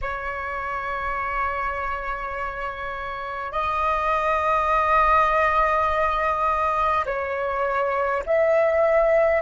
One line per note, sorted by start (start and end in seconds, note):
0.01 3.51 C#5
3.51 7.04 D#5
7.05 8.23 C#5
8.26 9.41 E5